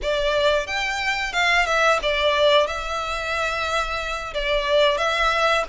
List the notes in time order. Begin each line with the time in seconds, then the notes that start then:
0.02 D5
0.67 G5
1.32 F5
1.65 E5
2.02 D5
2.67 E5
4.34 D5
4.97 E5